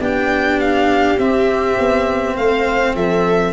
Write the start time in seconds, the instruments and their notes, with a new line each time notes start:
0.00 tuba B3, cello D4, viola G4, violin G5
0.60 violin F5
1.19 tuba C4, cello C4, violin E5
1.79 tuba B3
2.37 tuba A3, viola C5, violin F5
2.95 tuba F3, viola A4, violin E5